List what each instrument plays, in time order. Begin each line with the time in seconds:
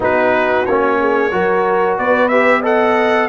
0.00 tuba B3, trombone D#4, horn F#4, trumpet B4
0.65 tuba A#3, trombone C#4, trumpet C#5
0.99 horn G#4
1.31 tuba F#3, trombone F#4, horn A#4
1.98 tuba B3, horn B4, trumpet D5
2.28 trombone G4, trumpet E5
2.61 trombone A4, horn D#5, trumpet F#5